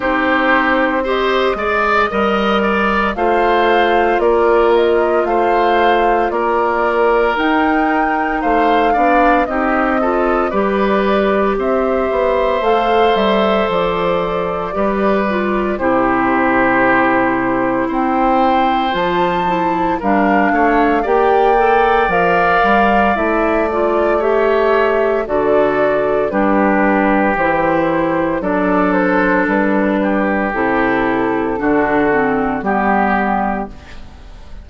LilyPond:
<<
  \new Staff \with { instrumentName = "flute" } { \time 4/4 \tempo 4 = 57 c''4 dis''2 f''4 | d''8 dis''8 f''4 d''4 g''4 | f''4 dis''4 d''4 e''4 | f''8 e''8 d''2 c''4~ |
c''4 g''4 a''4 f''4 | g''4 f''4 e''8 d''8 e''4 | d''4 b'4 c''4 d''8 c''8 | b'4 a'2 g'4 | }
  \new Staff \with { instrumentName = "oboe" } { \time 4/4 g'4 c''8 d''8 dis''8 d''8 c''4 | ais'4 c''4 ais'2 | c''8 d''8 g'8 a'8 b'4 c''4~ | c''2 b'4 g'4~ |
g'4 c''2 ais'8 cis''8 | d''2. cis''4 | a'4 g'2 a'4~ | a'8 g'4. fis'4 g'4 | }
  \new Staff \with { instrumentName = "clarinet" } { \time 4/4 dis'4 g'8 gis'8 ais'4 f'4~ | f'2. dis'4~ | dis'8 d'8 dis'8 f'8 g'2 | a'2 g'8 f'8 e'4~ |
e'2 f'8 e'8 d'4 | g'8 a'8 ais'4 e'8 f'8 g'4 | fis'4 d'4 e'4 d'4~ | d'4 e'4 d'8 c'8 b4 | }
  \new Staff \with { instrumentName = "bassoon" } { \time 4/4 c'4. gis8 g4 a4 | ais4 a4 ais4 dis'4 | a8 b8 c'4 g4 c'8 b8 | a8 g8 f4 g4 c4~ |
c4 c'4 f4 g8 a8 | ais4 f8 g8 a2 | d4 g4 e4 fis4 | g4 c4 d4 g4 | }
>>